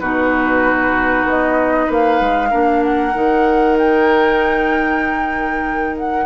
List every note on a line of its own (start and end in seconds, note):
0.00 1.24 B2
0.00 2.50 D#4
0.00 1.87 F#4
0.00 1.25 B4
1.24 1.87 B3
1.24 1.92 D#5
1.87 2.21 A#3
1.87 2.49 B4
1.87 2.83 F5
2.21 2.52 G#3
2.50 3.15 A#3
2.50 3.13 D4
2.50 6.26 A#4
2.83 3.77 F#5
3.14 6.26 D#3
3.14 6.26 D#4
3.78 5.97 G5
5.97 6.26 F#5